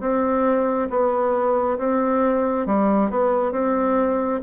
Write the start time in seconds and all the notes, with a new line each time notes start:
0.00 C4
0.89 B3
1.78 C4
2.66 G3
3.10 B3
3.52 C4